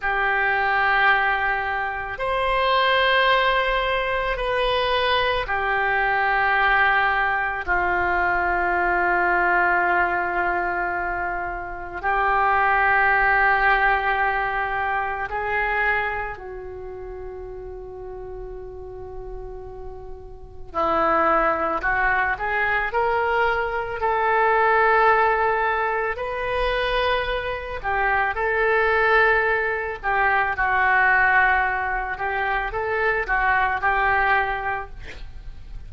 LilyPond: \new Staff \with { instrumentName = "oboe" } { \time 4/4 \tempo 4 = 55 g'2 c''2 | b'4 g'2 f'4~ | f'2. g'4~ | g'2 gis'4 fis'4~ |
fis'2. e'4 | fis'8 gis'8 ais'4 a'2 | b'4. g'8 a'4. g'8 | fis'4. g'8 a'8 fis'8 g'4 | }